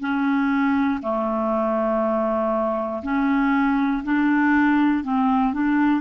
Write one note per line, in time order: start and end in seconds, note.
0.00 1.00 C#4
1.02 3.02 A3
3.03 4.03 C#4
4.04 5.04 D4
5.04 5.54 C4
5.54 6.01 D4